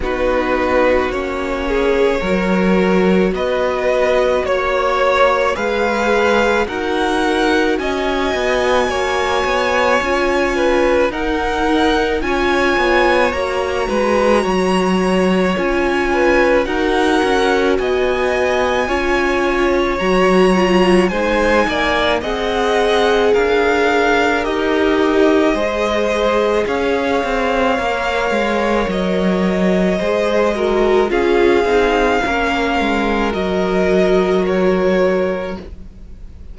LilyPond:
<<
  \new Staff \with { instrumentName = "violin" } { \time 4/4 \tempo 4 = 54 b'4 cis''2 dis''4 | cis''4 f''4 fis''4 gis''4~ | gis''2 fis''4 gis''4 | ais''2 gis''4 fis''4 |
gis''2 ais''4 gis''4 | fis''4 f''4 dis''2 | f''2 dis''2 | f''2 dis''4 cis''4 | }
  \new Staff \with { instrumentName = "violin" } { \time 4/4 fis'4. gis'8 ais'4 b'4 | cis''4 b'4 ais'4 dis''4 | cis''4. b'8 ais'4 cis''4~ | cis''8 b'8 cis''4. b'8 ais'4 |
dis''4 cis''2 c''8 d''8 | dis''4 ais'2 c''4 | cis''2. c''8 ais'8 | gis'4 ais'2. | }
  \new Staff \with { instrumentName = "viola" } { \time 4/4 dis'4 cis'4 fis'2~ | fis'4 gis'4 fis'2~ | fis'4 f'4 dis'4 f'4 | fis'2 f'4 fis'4~ |
fis'4 f'4 fis'8 f'8 dis'4 | gis'2 g'4 gis'4~ | gis'4 ais'2 gis'8 fis'8 | f'8 dis'8 cis'4 fis'2 | }
  \new Staff \with { instrumentName = "cello" } { \time 4/4 b4 ais4 fis4 b4 | ais4 gis4 dis'4 cis'8 b8 | ais8 b8 cis'4 dis'4 cis'8 b8 | ais8 gis8 fis4 cis'4 dis'8 cis'8 |
b4 cis'4 fis4 gis8 ais8 | c'4 d'4 dis'4 gis4 | cis'8 c'8 ais8 gis8 fis4 gis4 | cis'8 c'8 ais8 gis8 fis2 | }
>>